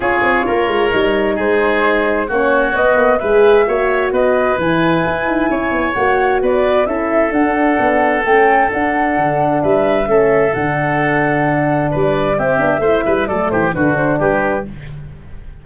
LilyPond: <<
  \new Staff \with { instrumentName = "flute" } { \time 4/4 \tempo 4 = 131 cis''2. c''4~ | c''4 cis''4 dis''4 e''4~ | e''4 dis''4 gis''2~ | gis''4 fis''4 d''4 e''4 |
fis''2 g''4 fis''4~ | fis''4 e''2 fis''4~ | fis''2 d''4 e''4~ | e''4 d''8 c''8 b'8 c''8 b'4 | }
  \new Staff \with { instrumentName = "oboe" } { \time 4/4 gis'4 ais'2 gis'4~ | gis'4 fis'2 b'4 | cis''4 b'2. | cis''2 b'4 a'4~ |
a'1~ | a'4 b'4 a'2~ | a'2 b'4 g'4 | c''8 b'8 a'8 g'8 fis'4 g'4 | }
  \new Staff \with { instrumentName = "horn" } { \time 4/4 f'2 dis'2~ | dis'4 cis'4 b4 gis'4 | fis'2 e'2~ | e'4 fis'2 e'4 |
d'2 cis'4 d'4~ | d'2 cis'4 d'4~ | d'2. c'8 d'8 | e'4 a4 d'2 | }
  \new Staff \with { instrumentName = "tuba" } { \time 4/4 cis'8 c'8 ais8 gis8 g4 gis4~ | gis4 ais4 b8 ais8 gis4 | ais4 b4 e4 e'8 dis'8 | cis'8 b8 ais4 b4 cis'4 |
d'4 b4 a4 d'4 | d4 g4 a4 d4~ | d2 g4 c'8 b8 | a8 g8 fis8 e8 d4 g4 | }
>>